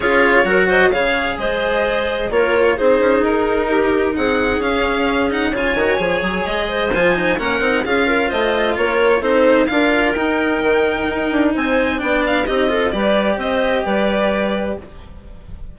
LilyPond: <<
  \new Staff \with { instrumentName = "violin" } { \time 4/4 \tempo 4 = 130 cis''4. dis''8 f''4 dis''4~ | dis''4 cis''4 c''4 ais'4~ | ais'4 fis''4 f''4. fis''8 | gis''2 dis''4 gis''4 |
fis''4 f''4 dis''4 cis''4 | c''4 f''4 g''2~ | g''4 gis''4 g''8 f''8 dis''4 | d''4 dis''4 d''2 | }
  \new Staff \with { instrumentName = "clarinet" } { \time 4/4 gis'4 ais'8 c''8 cis''4 c''4~ | c''4 ais'4 gis'2 | g'4 gis'2. | cis''2~ cis''8 c''4. |
ais'4 gis'8 ais'8 c''4 ais'4 | a'4 ais'2.~ | ais'4 c''4 d''4 g'8 a'8 | b'4 c''4 b'2 | }
  \new Staff \with { instrumentName = "cello" } { \time 4/4 f'4 fis'4 gis'2~ | gis'4 f'4 dis'2~ | dis'2 cis'4. dis'8 | f'8 fis'8 gis'2 f'8 dis'8 |
cis'8 dis'8 f'2. | dis'4 f'4 dis'2~ | dis'2 d'4 dis'8 f'8 | g'1 | }
  \new Staff \with { instrumentName = "bassoon" } { \time 4/4 cis'4 fis4 cis4 gis4~ | gis4 ais4 c'8 cis'8 dis'4~ | dis'4 c'4 cis'2 | cis8 dis8 f8 fis8 gis4 f4 |
ais8 c'8 cis'4 a4 ais4 | c'4 d'4 dis'4 dis4 | dis'8 d'8 c'4 b4 c'4 | g4 c'4 g2 | }
>>